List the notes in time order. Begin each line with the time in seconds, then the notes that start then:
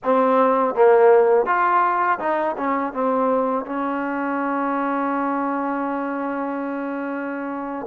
0.03 C4
0.75 A#3
1.45 F4
2.19 D#4
2.57 C#4
2.93 C4
3.65 C#4